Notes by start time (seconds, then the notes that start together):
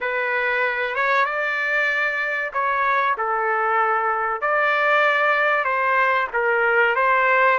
0.00 B4
0.95 C#5
1.25 D5
2.53 C#5
3.18 A4
4.41 D5
5.64 C5
6.33 A#4
6.95 C5